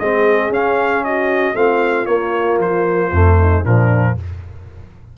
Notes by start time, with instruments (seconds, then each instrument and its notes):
0.00 tuba G#3, trombone C4, horn G#4, trumpet D#5
0.50 tuba C#4, trombone C#4, trumpet F5
1.05 horn F#4, trumpet D#5
1.55 tuba A3, trombone C4, horn F4, trumpet F5
2.06 trombone A#3, tuba A#3, trumpet C#5
2.59 tuba F3, trumpet C5
3.11 tuba F2, trombone A3
3.40 horn D#4
3.63 tuba A#2, trombone F3, horn D4, trumpet A#4